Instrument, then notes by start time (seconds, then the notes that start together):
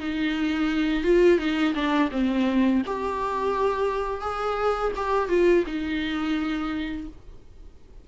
viola
0.00 D#4
1.04 F4
1.39 D#4
1.75 D4
2.12 C4
2.86 G4
4.22 G#4
4.96 G4
5.29 F4
5.67 D#4